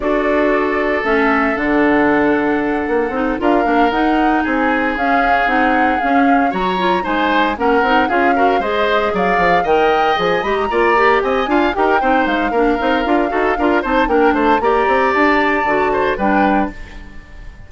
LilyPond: <<
  \new Staff \with { instrumentName = "flute" } { \time 4/4 \tempo 4 = 115 d''2 e''4 fis''4~ | fis''2~ fis''8 f''4 fis''8~ | fis''8 gis''4 f''4 fis''4 f''8~ | f''8 ais''4 gis''4 fis''4 f''8~ |
f''8 dis''4 f''4 g''4 gis''8 | b''16 ais''4~ ais''16 gis''4 g''4 f''8~ | f''2~ f''8 a''8 g''8 a''8 | ais''4 a''2 g''4 | }
  \new Staff \with { instrumentName = "oboe" } { \time 4/4 a'1~ | a'2~ a'8 ais'4.~ | ais'8 gis'2.~ gis'8~ | gis'8 cis''4 c''4 ais'4 gis'8 |
ais'8 c''4 d''4 dis''4.~ | dis''8 d''4 dis''8 f''8 ais'8 c''4 | ais'4. a'8 ais'8 c''8 ais'8 c''8 | d''2~ d''8 c''8 b'4 | }
  \new Staff \with { instrumentName = "clarinet" } { \time 4/4 fis'2 cis'4 d'4~ | d'2 dis'8 f'8 d'8 dis'8~ | dis'4. cis'4 dis'4 cis'8~ | cis'8 fis'8 f'8 dis'4 cis'8 dis'8 f'8 |
fis'8 gis'2 ais'4 gis'8 | g'8 f'8 g'4 f'8 g'8 dis'4 | d'8 dis'8 f'8 fis'8 f'8 dis'8 d'4 | g'2 fis'4 d'4 | }
  \new Staff \with { instrumentName = "bassoon" } { \time 4/4 d'2 a4 d4~ | d4. ais8 c'8 d'8 ais8 dis'8~ | dis'8 c'4 cis'4 c'4 cis'8~ | cis'8 fis4 gis4 ais8 c'8 cis'8~ |
cis'8 gis4 fis8 f8 dis4 f8 | gis8 ais4 c'8 d'8 dis'8 c'8 gis8 | ais8 c'8 d'8 dis'8 d'8 c'8 ais8 a8 | ais8 c'8 d'4 d4 g4 | }
>>